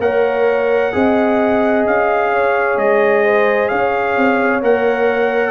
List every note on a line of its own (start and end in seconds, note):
0.00 0.92 A#3
0.00 0.93 A#4
0.00 0.95 C#5
0.00 1.86 F#5
0.93 1.86 C4
0.93 4.62 G#4
0.93 2.33 D#5
1.86 2.77 C#4
1.86 2.78 F5
2.33 3.25 C#5
2.77 3.70 G#3
2.77 3.69 D#5
3.25 3.70 C5
3.69 4.17 C#4
3.69 5.51 C#5
3.69 4.61 F5
4.17 4.62 C4
4.62 5.51 A#3
4.62 5.51 A#4
4.62 5.51 F#5